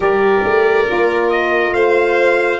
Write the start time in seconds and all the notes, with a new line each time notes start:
0.00 G3 G4 A#4 D5
0.43 A3
0.86 A#3 F4
1.30 D#5
1.73 A3 C5 F5